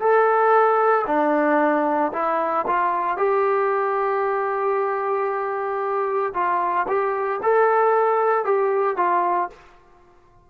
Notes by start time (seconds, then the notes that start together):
0.00 A4
1.07 D4
2.13 E4
2.67 F4
3.17 G4
6.34 F4
6.88 G4
7.43 A4
8.44 G4
8.97 F4